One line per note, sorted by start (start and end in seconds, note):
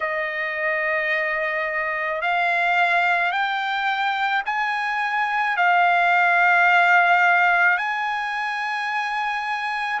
0.00 2.21 D#5
2.21 3.31 F5
3.31 4.42 G5
4.45 5.56 G#5
5.57 7.77 F5
7.77 9.99 G#5